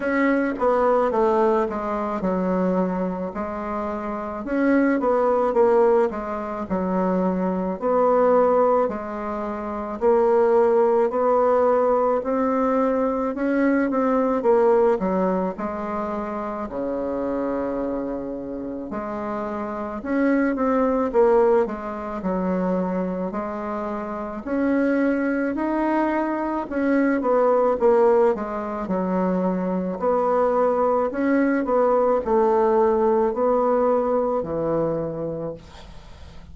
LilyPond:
\new Staff \with { instrumentName = "bassoon" } { \time 4/4 \tempo 4 = 54 cis'8 b8 a8 gis8 fis4 gis4 | cis'8 b8 ais8 gis8 fis4 b4 | gis4 ais4 b4 c'4 | cis'8 c'8 ais8 fis8 gis4 cis4~ |
cis4 gis4 cis'8 c'8 ais8 gis8 | fis4 gis4 cis'4 dis'4 | cis'8 b8 ais8 gis8 fis4 b4 | cis'8 b8 a4 b4 e4 | }